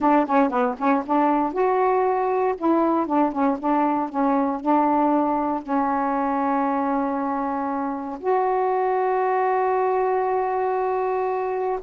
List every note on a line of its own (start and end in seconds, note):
0.00 0.26 D4
0.26 0.49 C#4
0.49 0.75 B3
0.77 1.03 C#4
1.06 1.52 D4
1.52 2.55 F#4
2.57 3.06 E4
3.06 3.32 D4
3.32 3.57 C#4
3.59 4.09 D4
4.09 4.60 C#4
4.60 5.62 D4
5.62 8.19 C#4
8.20 11.79 F#4